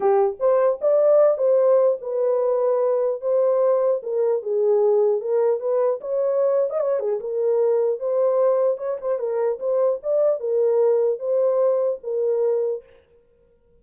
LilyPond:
\new Staff \with { instrumentName = "horn" } { \time 4/4 \tempo 4 = 150 g'4 c''4 d''4. c''8~ | c''4 b'2. | c''2 ais'4 gis'4~ | gis'4 ais'4 b'4 cis''4~ |
cis''8. dis''16 cis''8 gis'8 ais'2 | c''2 cis''8 c''8 ais'4 | c''4 d''4 ais'2 | c''2 ais'2 | }